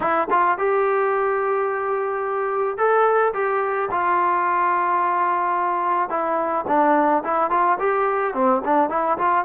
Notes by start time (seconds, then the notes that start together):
0.00 E4
0.30 F4
0.57 G4
2.77 A4
3.33 G4
3.91 F4
6.09 E4
6.67 D4
7.24 E4
7.50 F4
7.79 G4
8.33 C4
8.65 D4
8.89 E4
9.17 F4